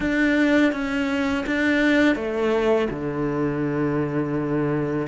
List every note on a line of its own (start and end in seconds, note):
0.00 0.72 D4
0.72 1.45 C#4
1.46 2.15 D4
2.15 2.88 A3
2.90 5.07 D3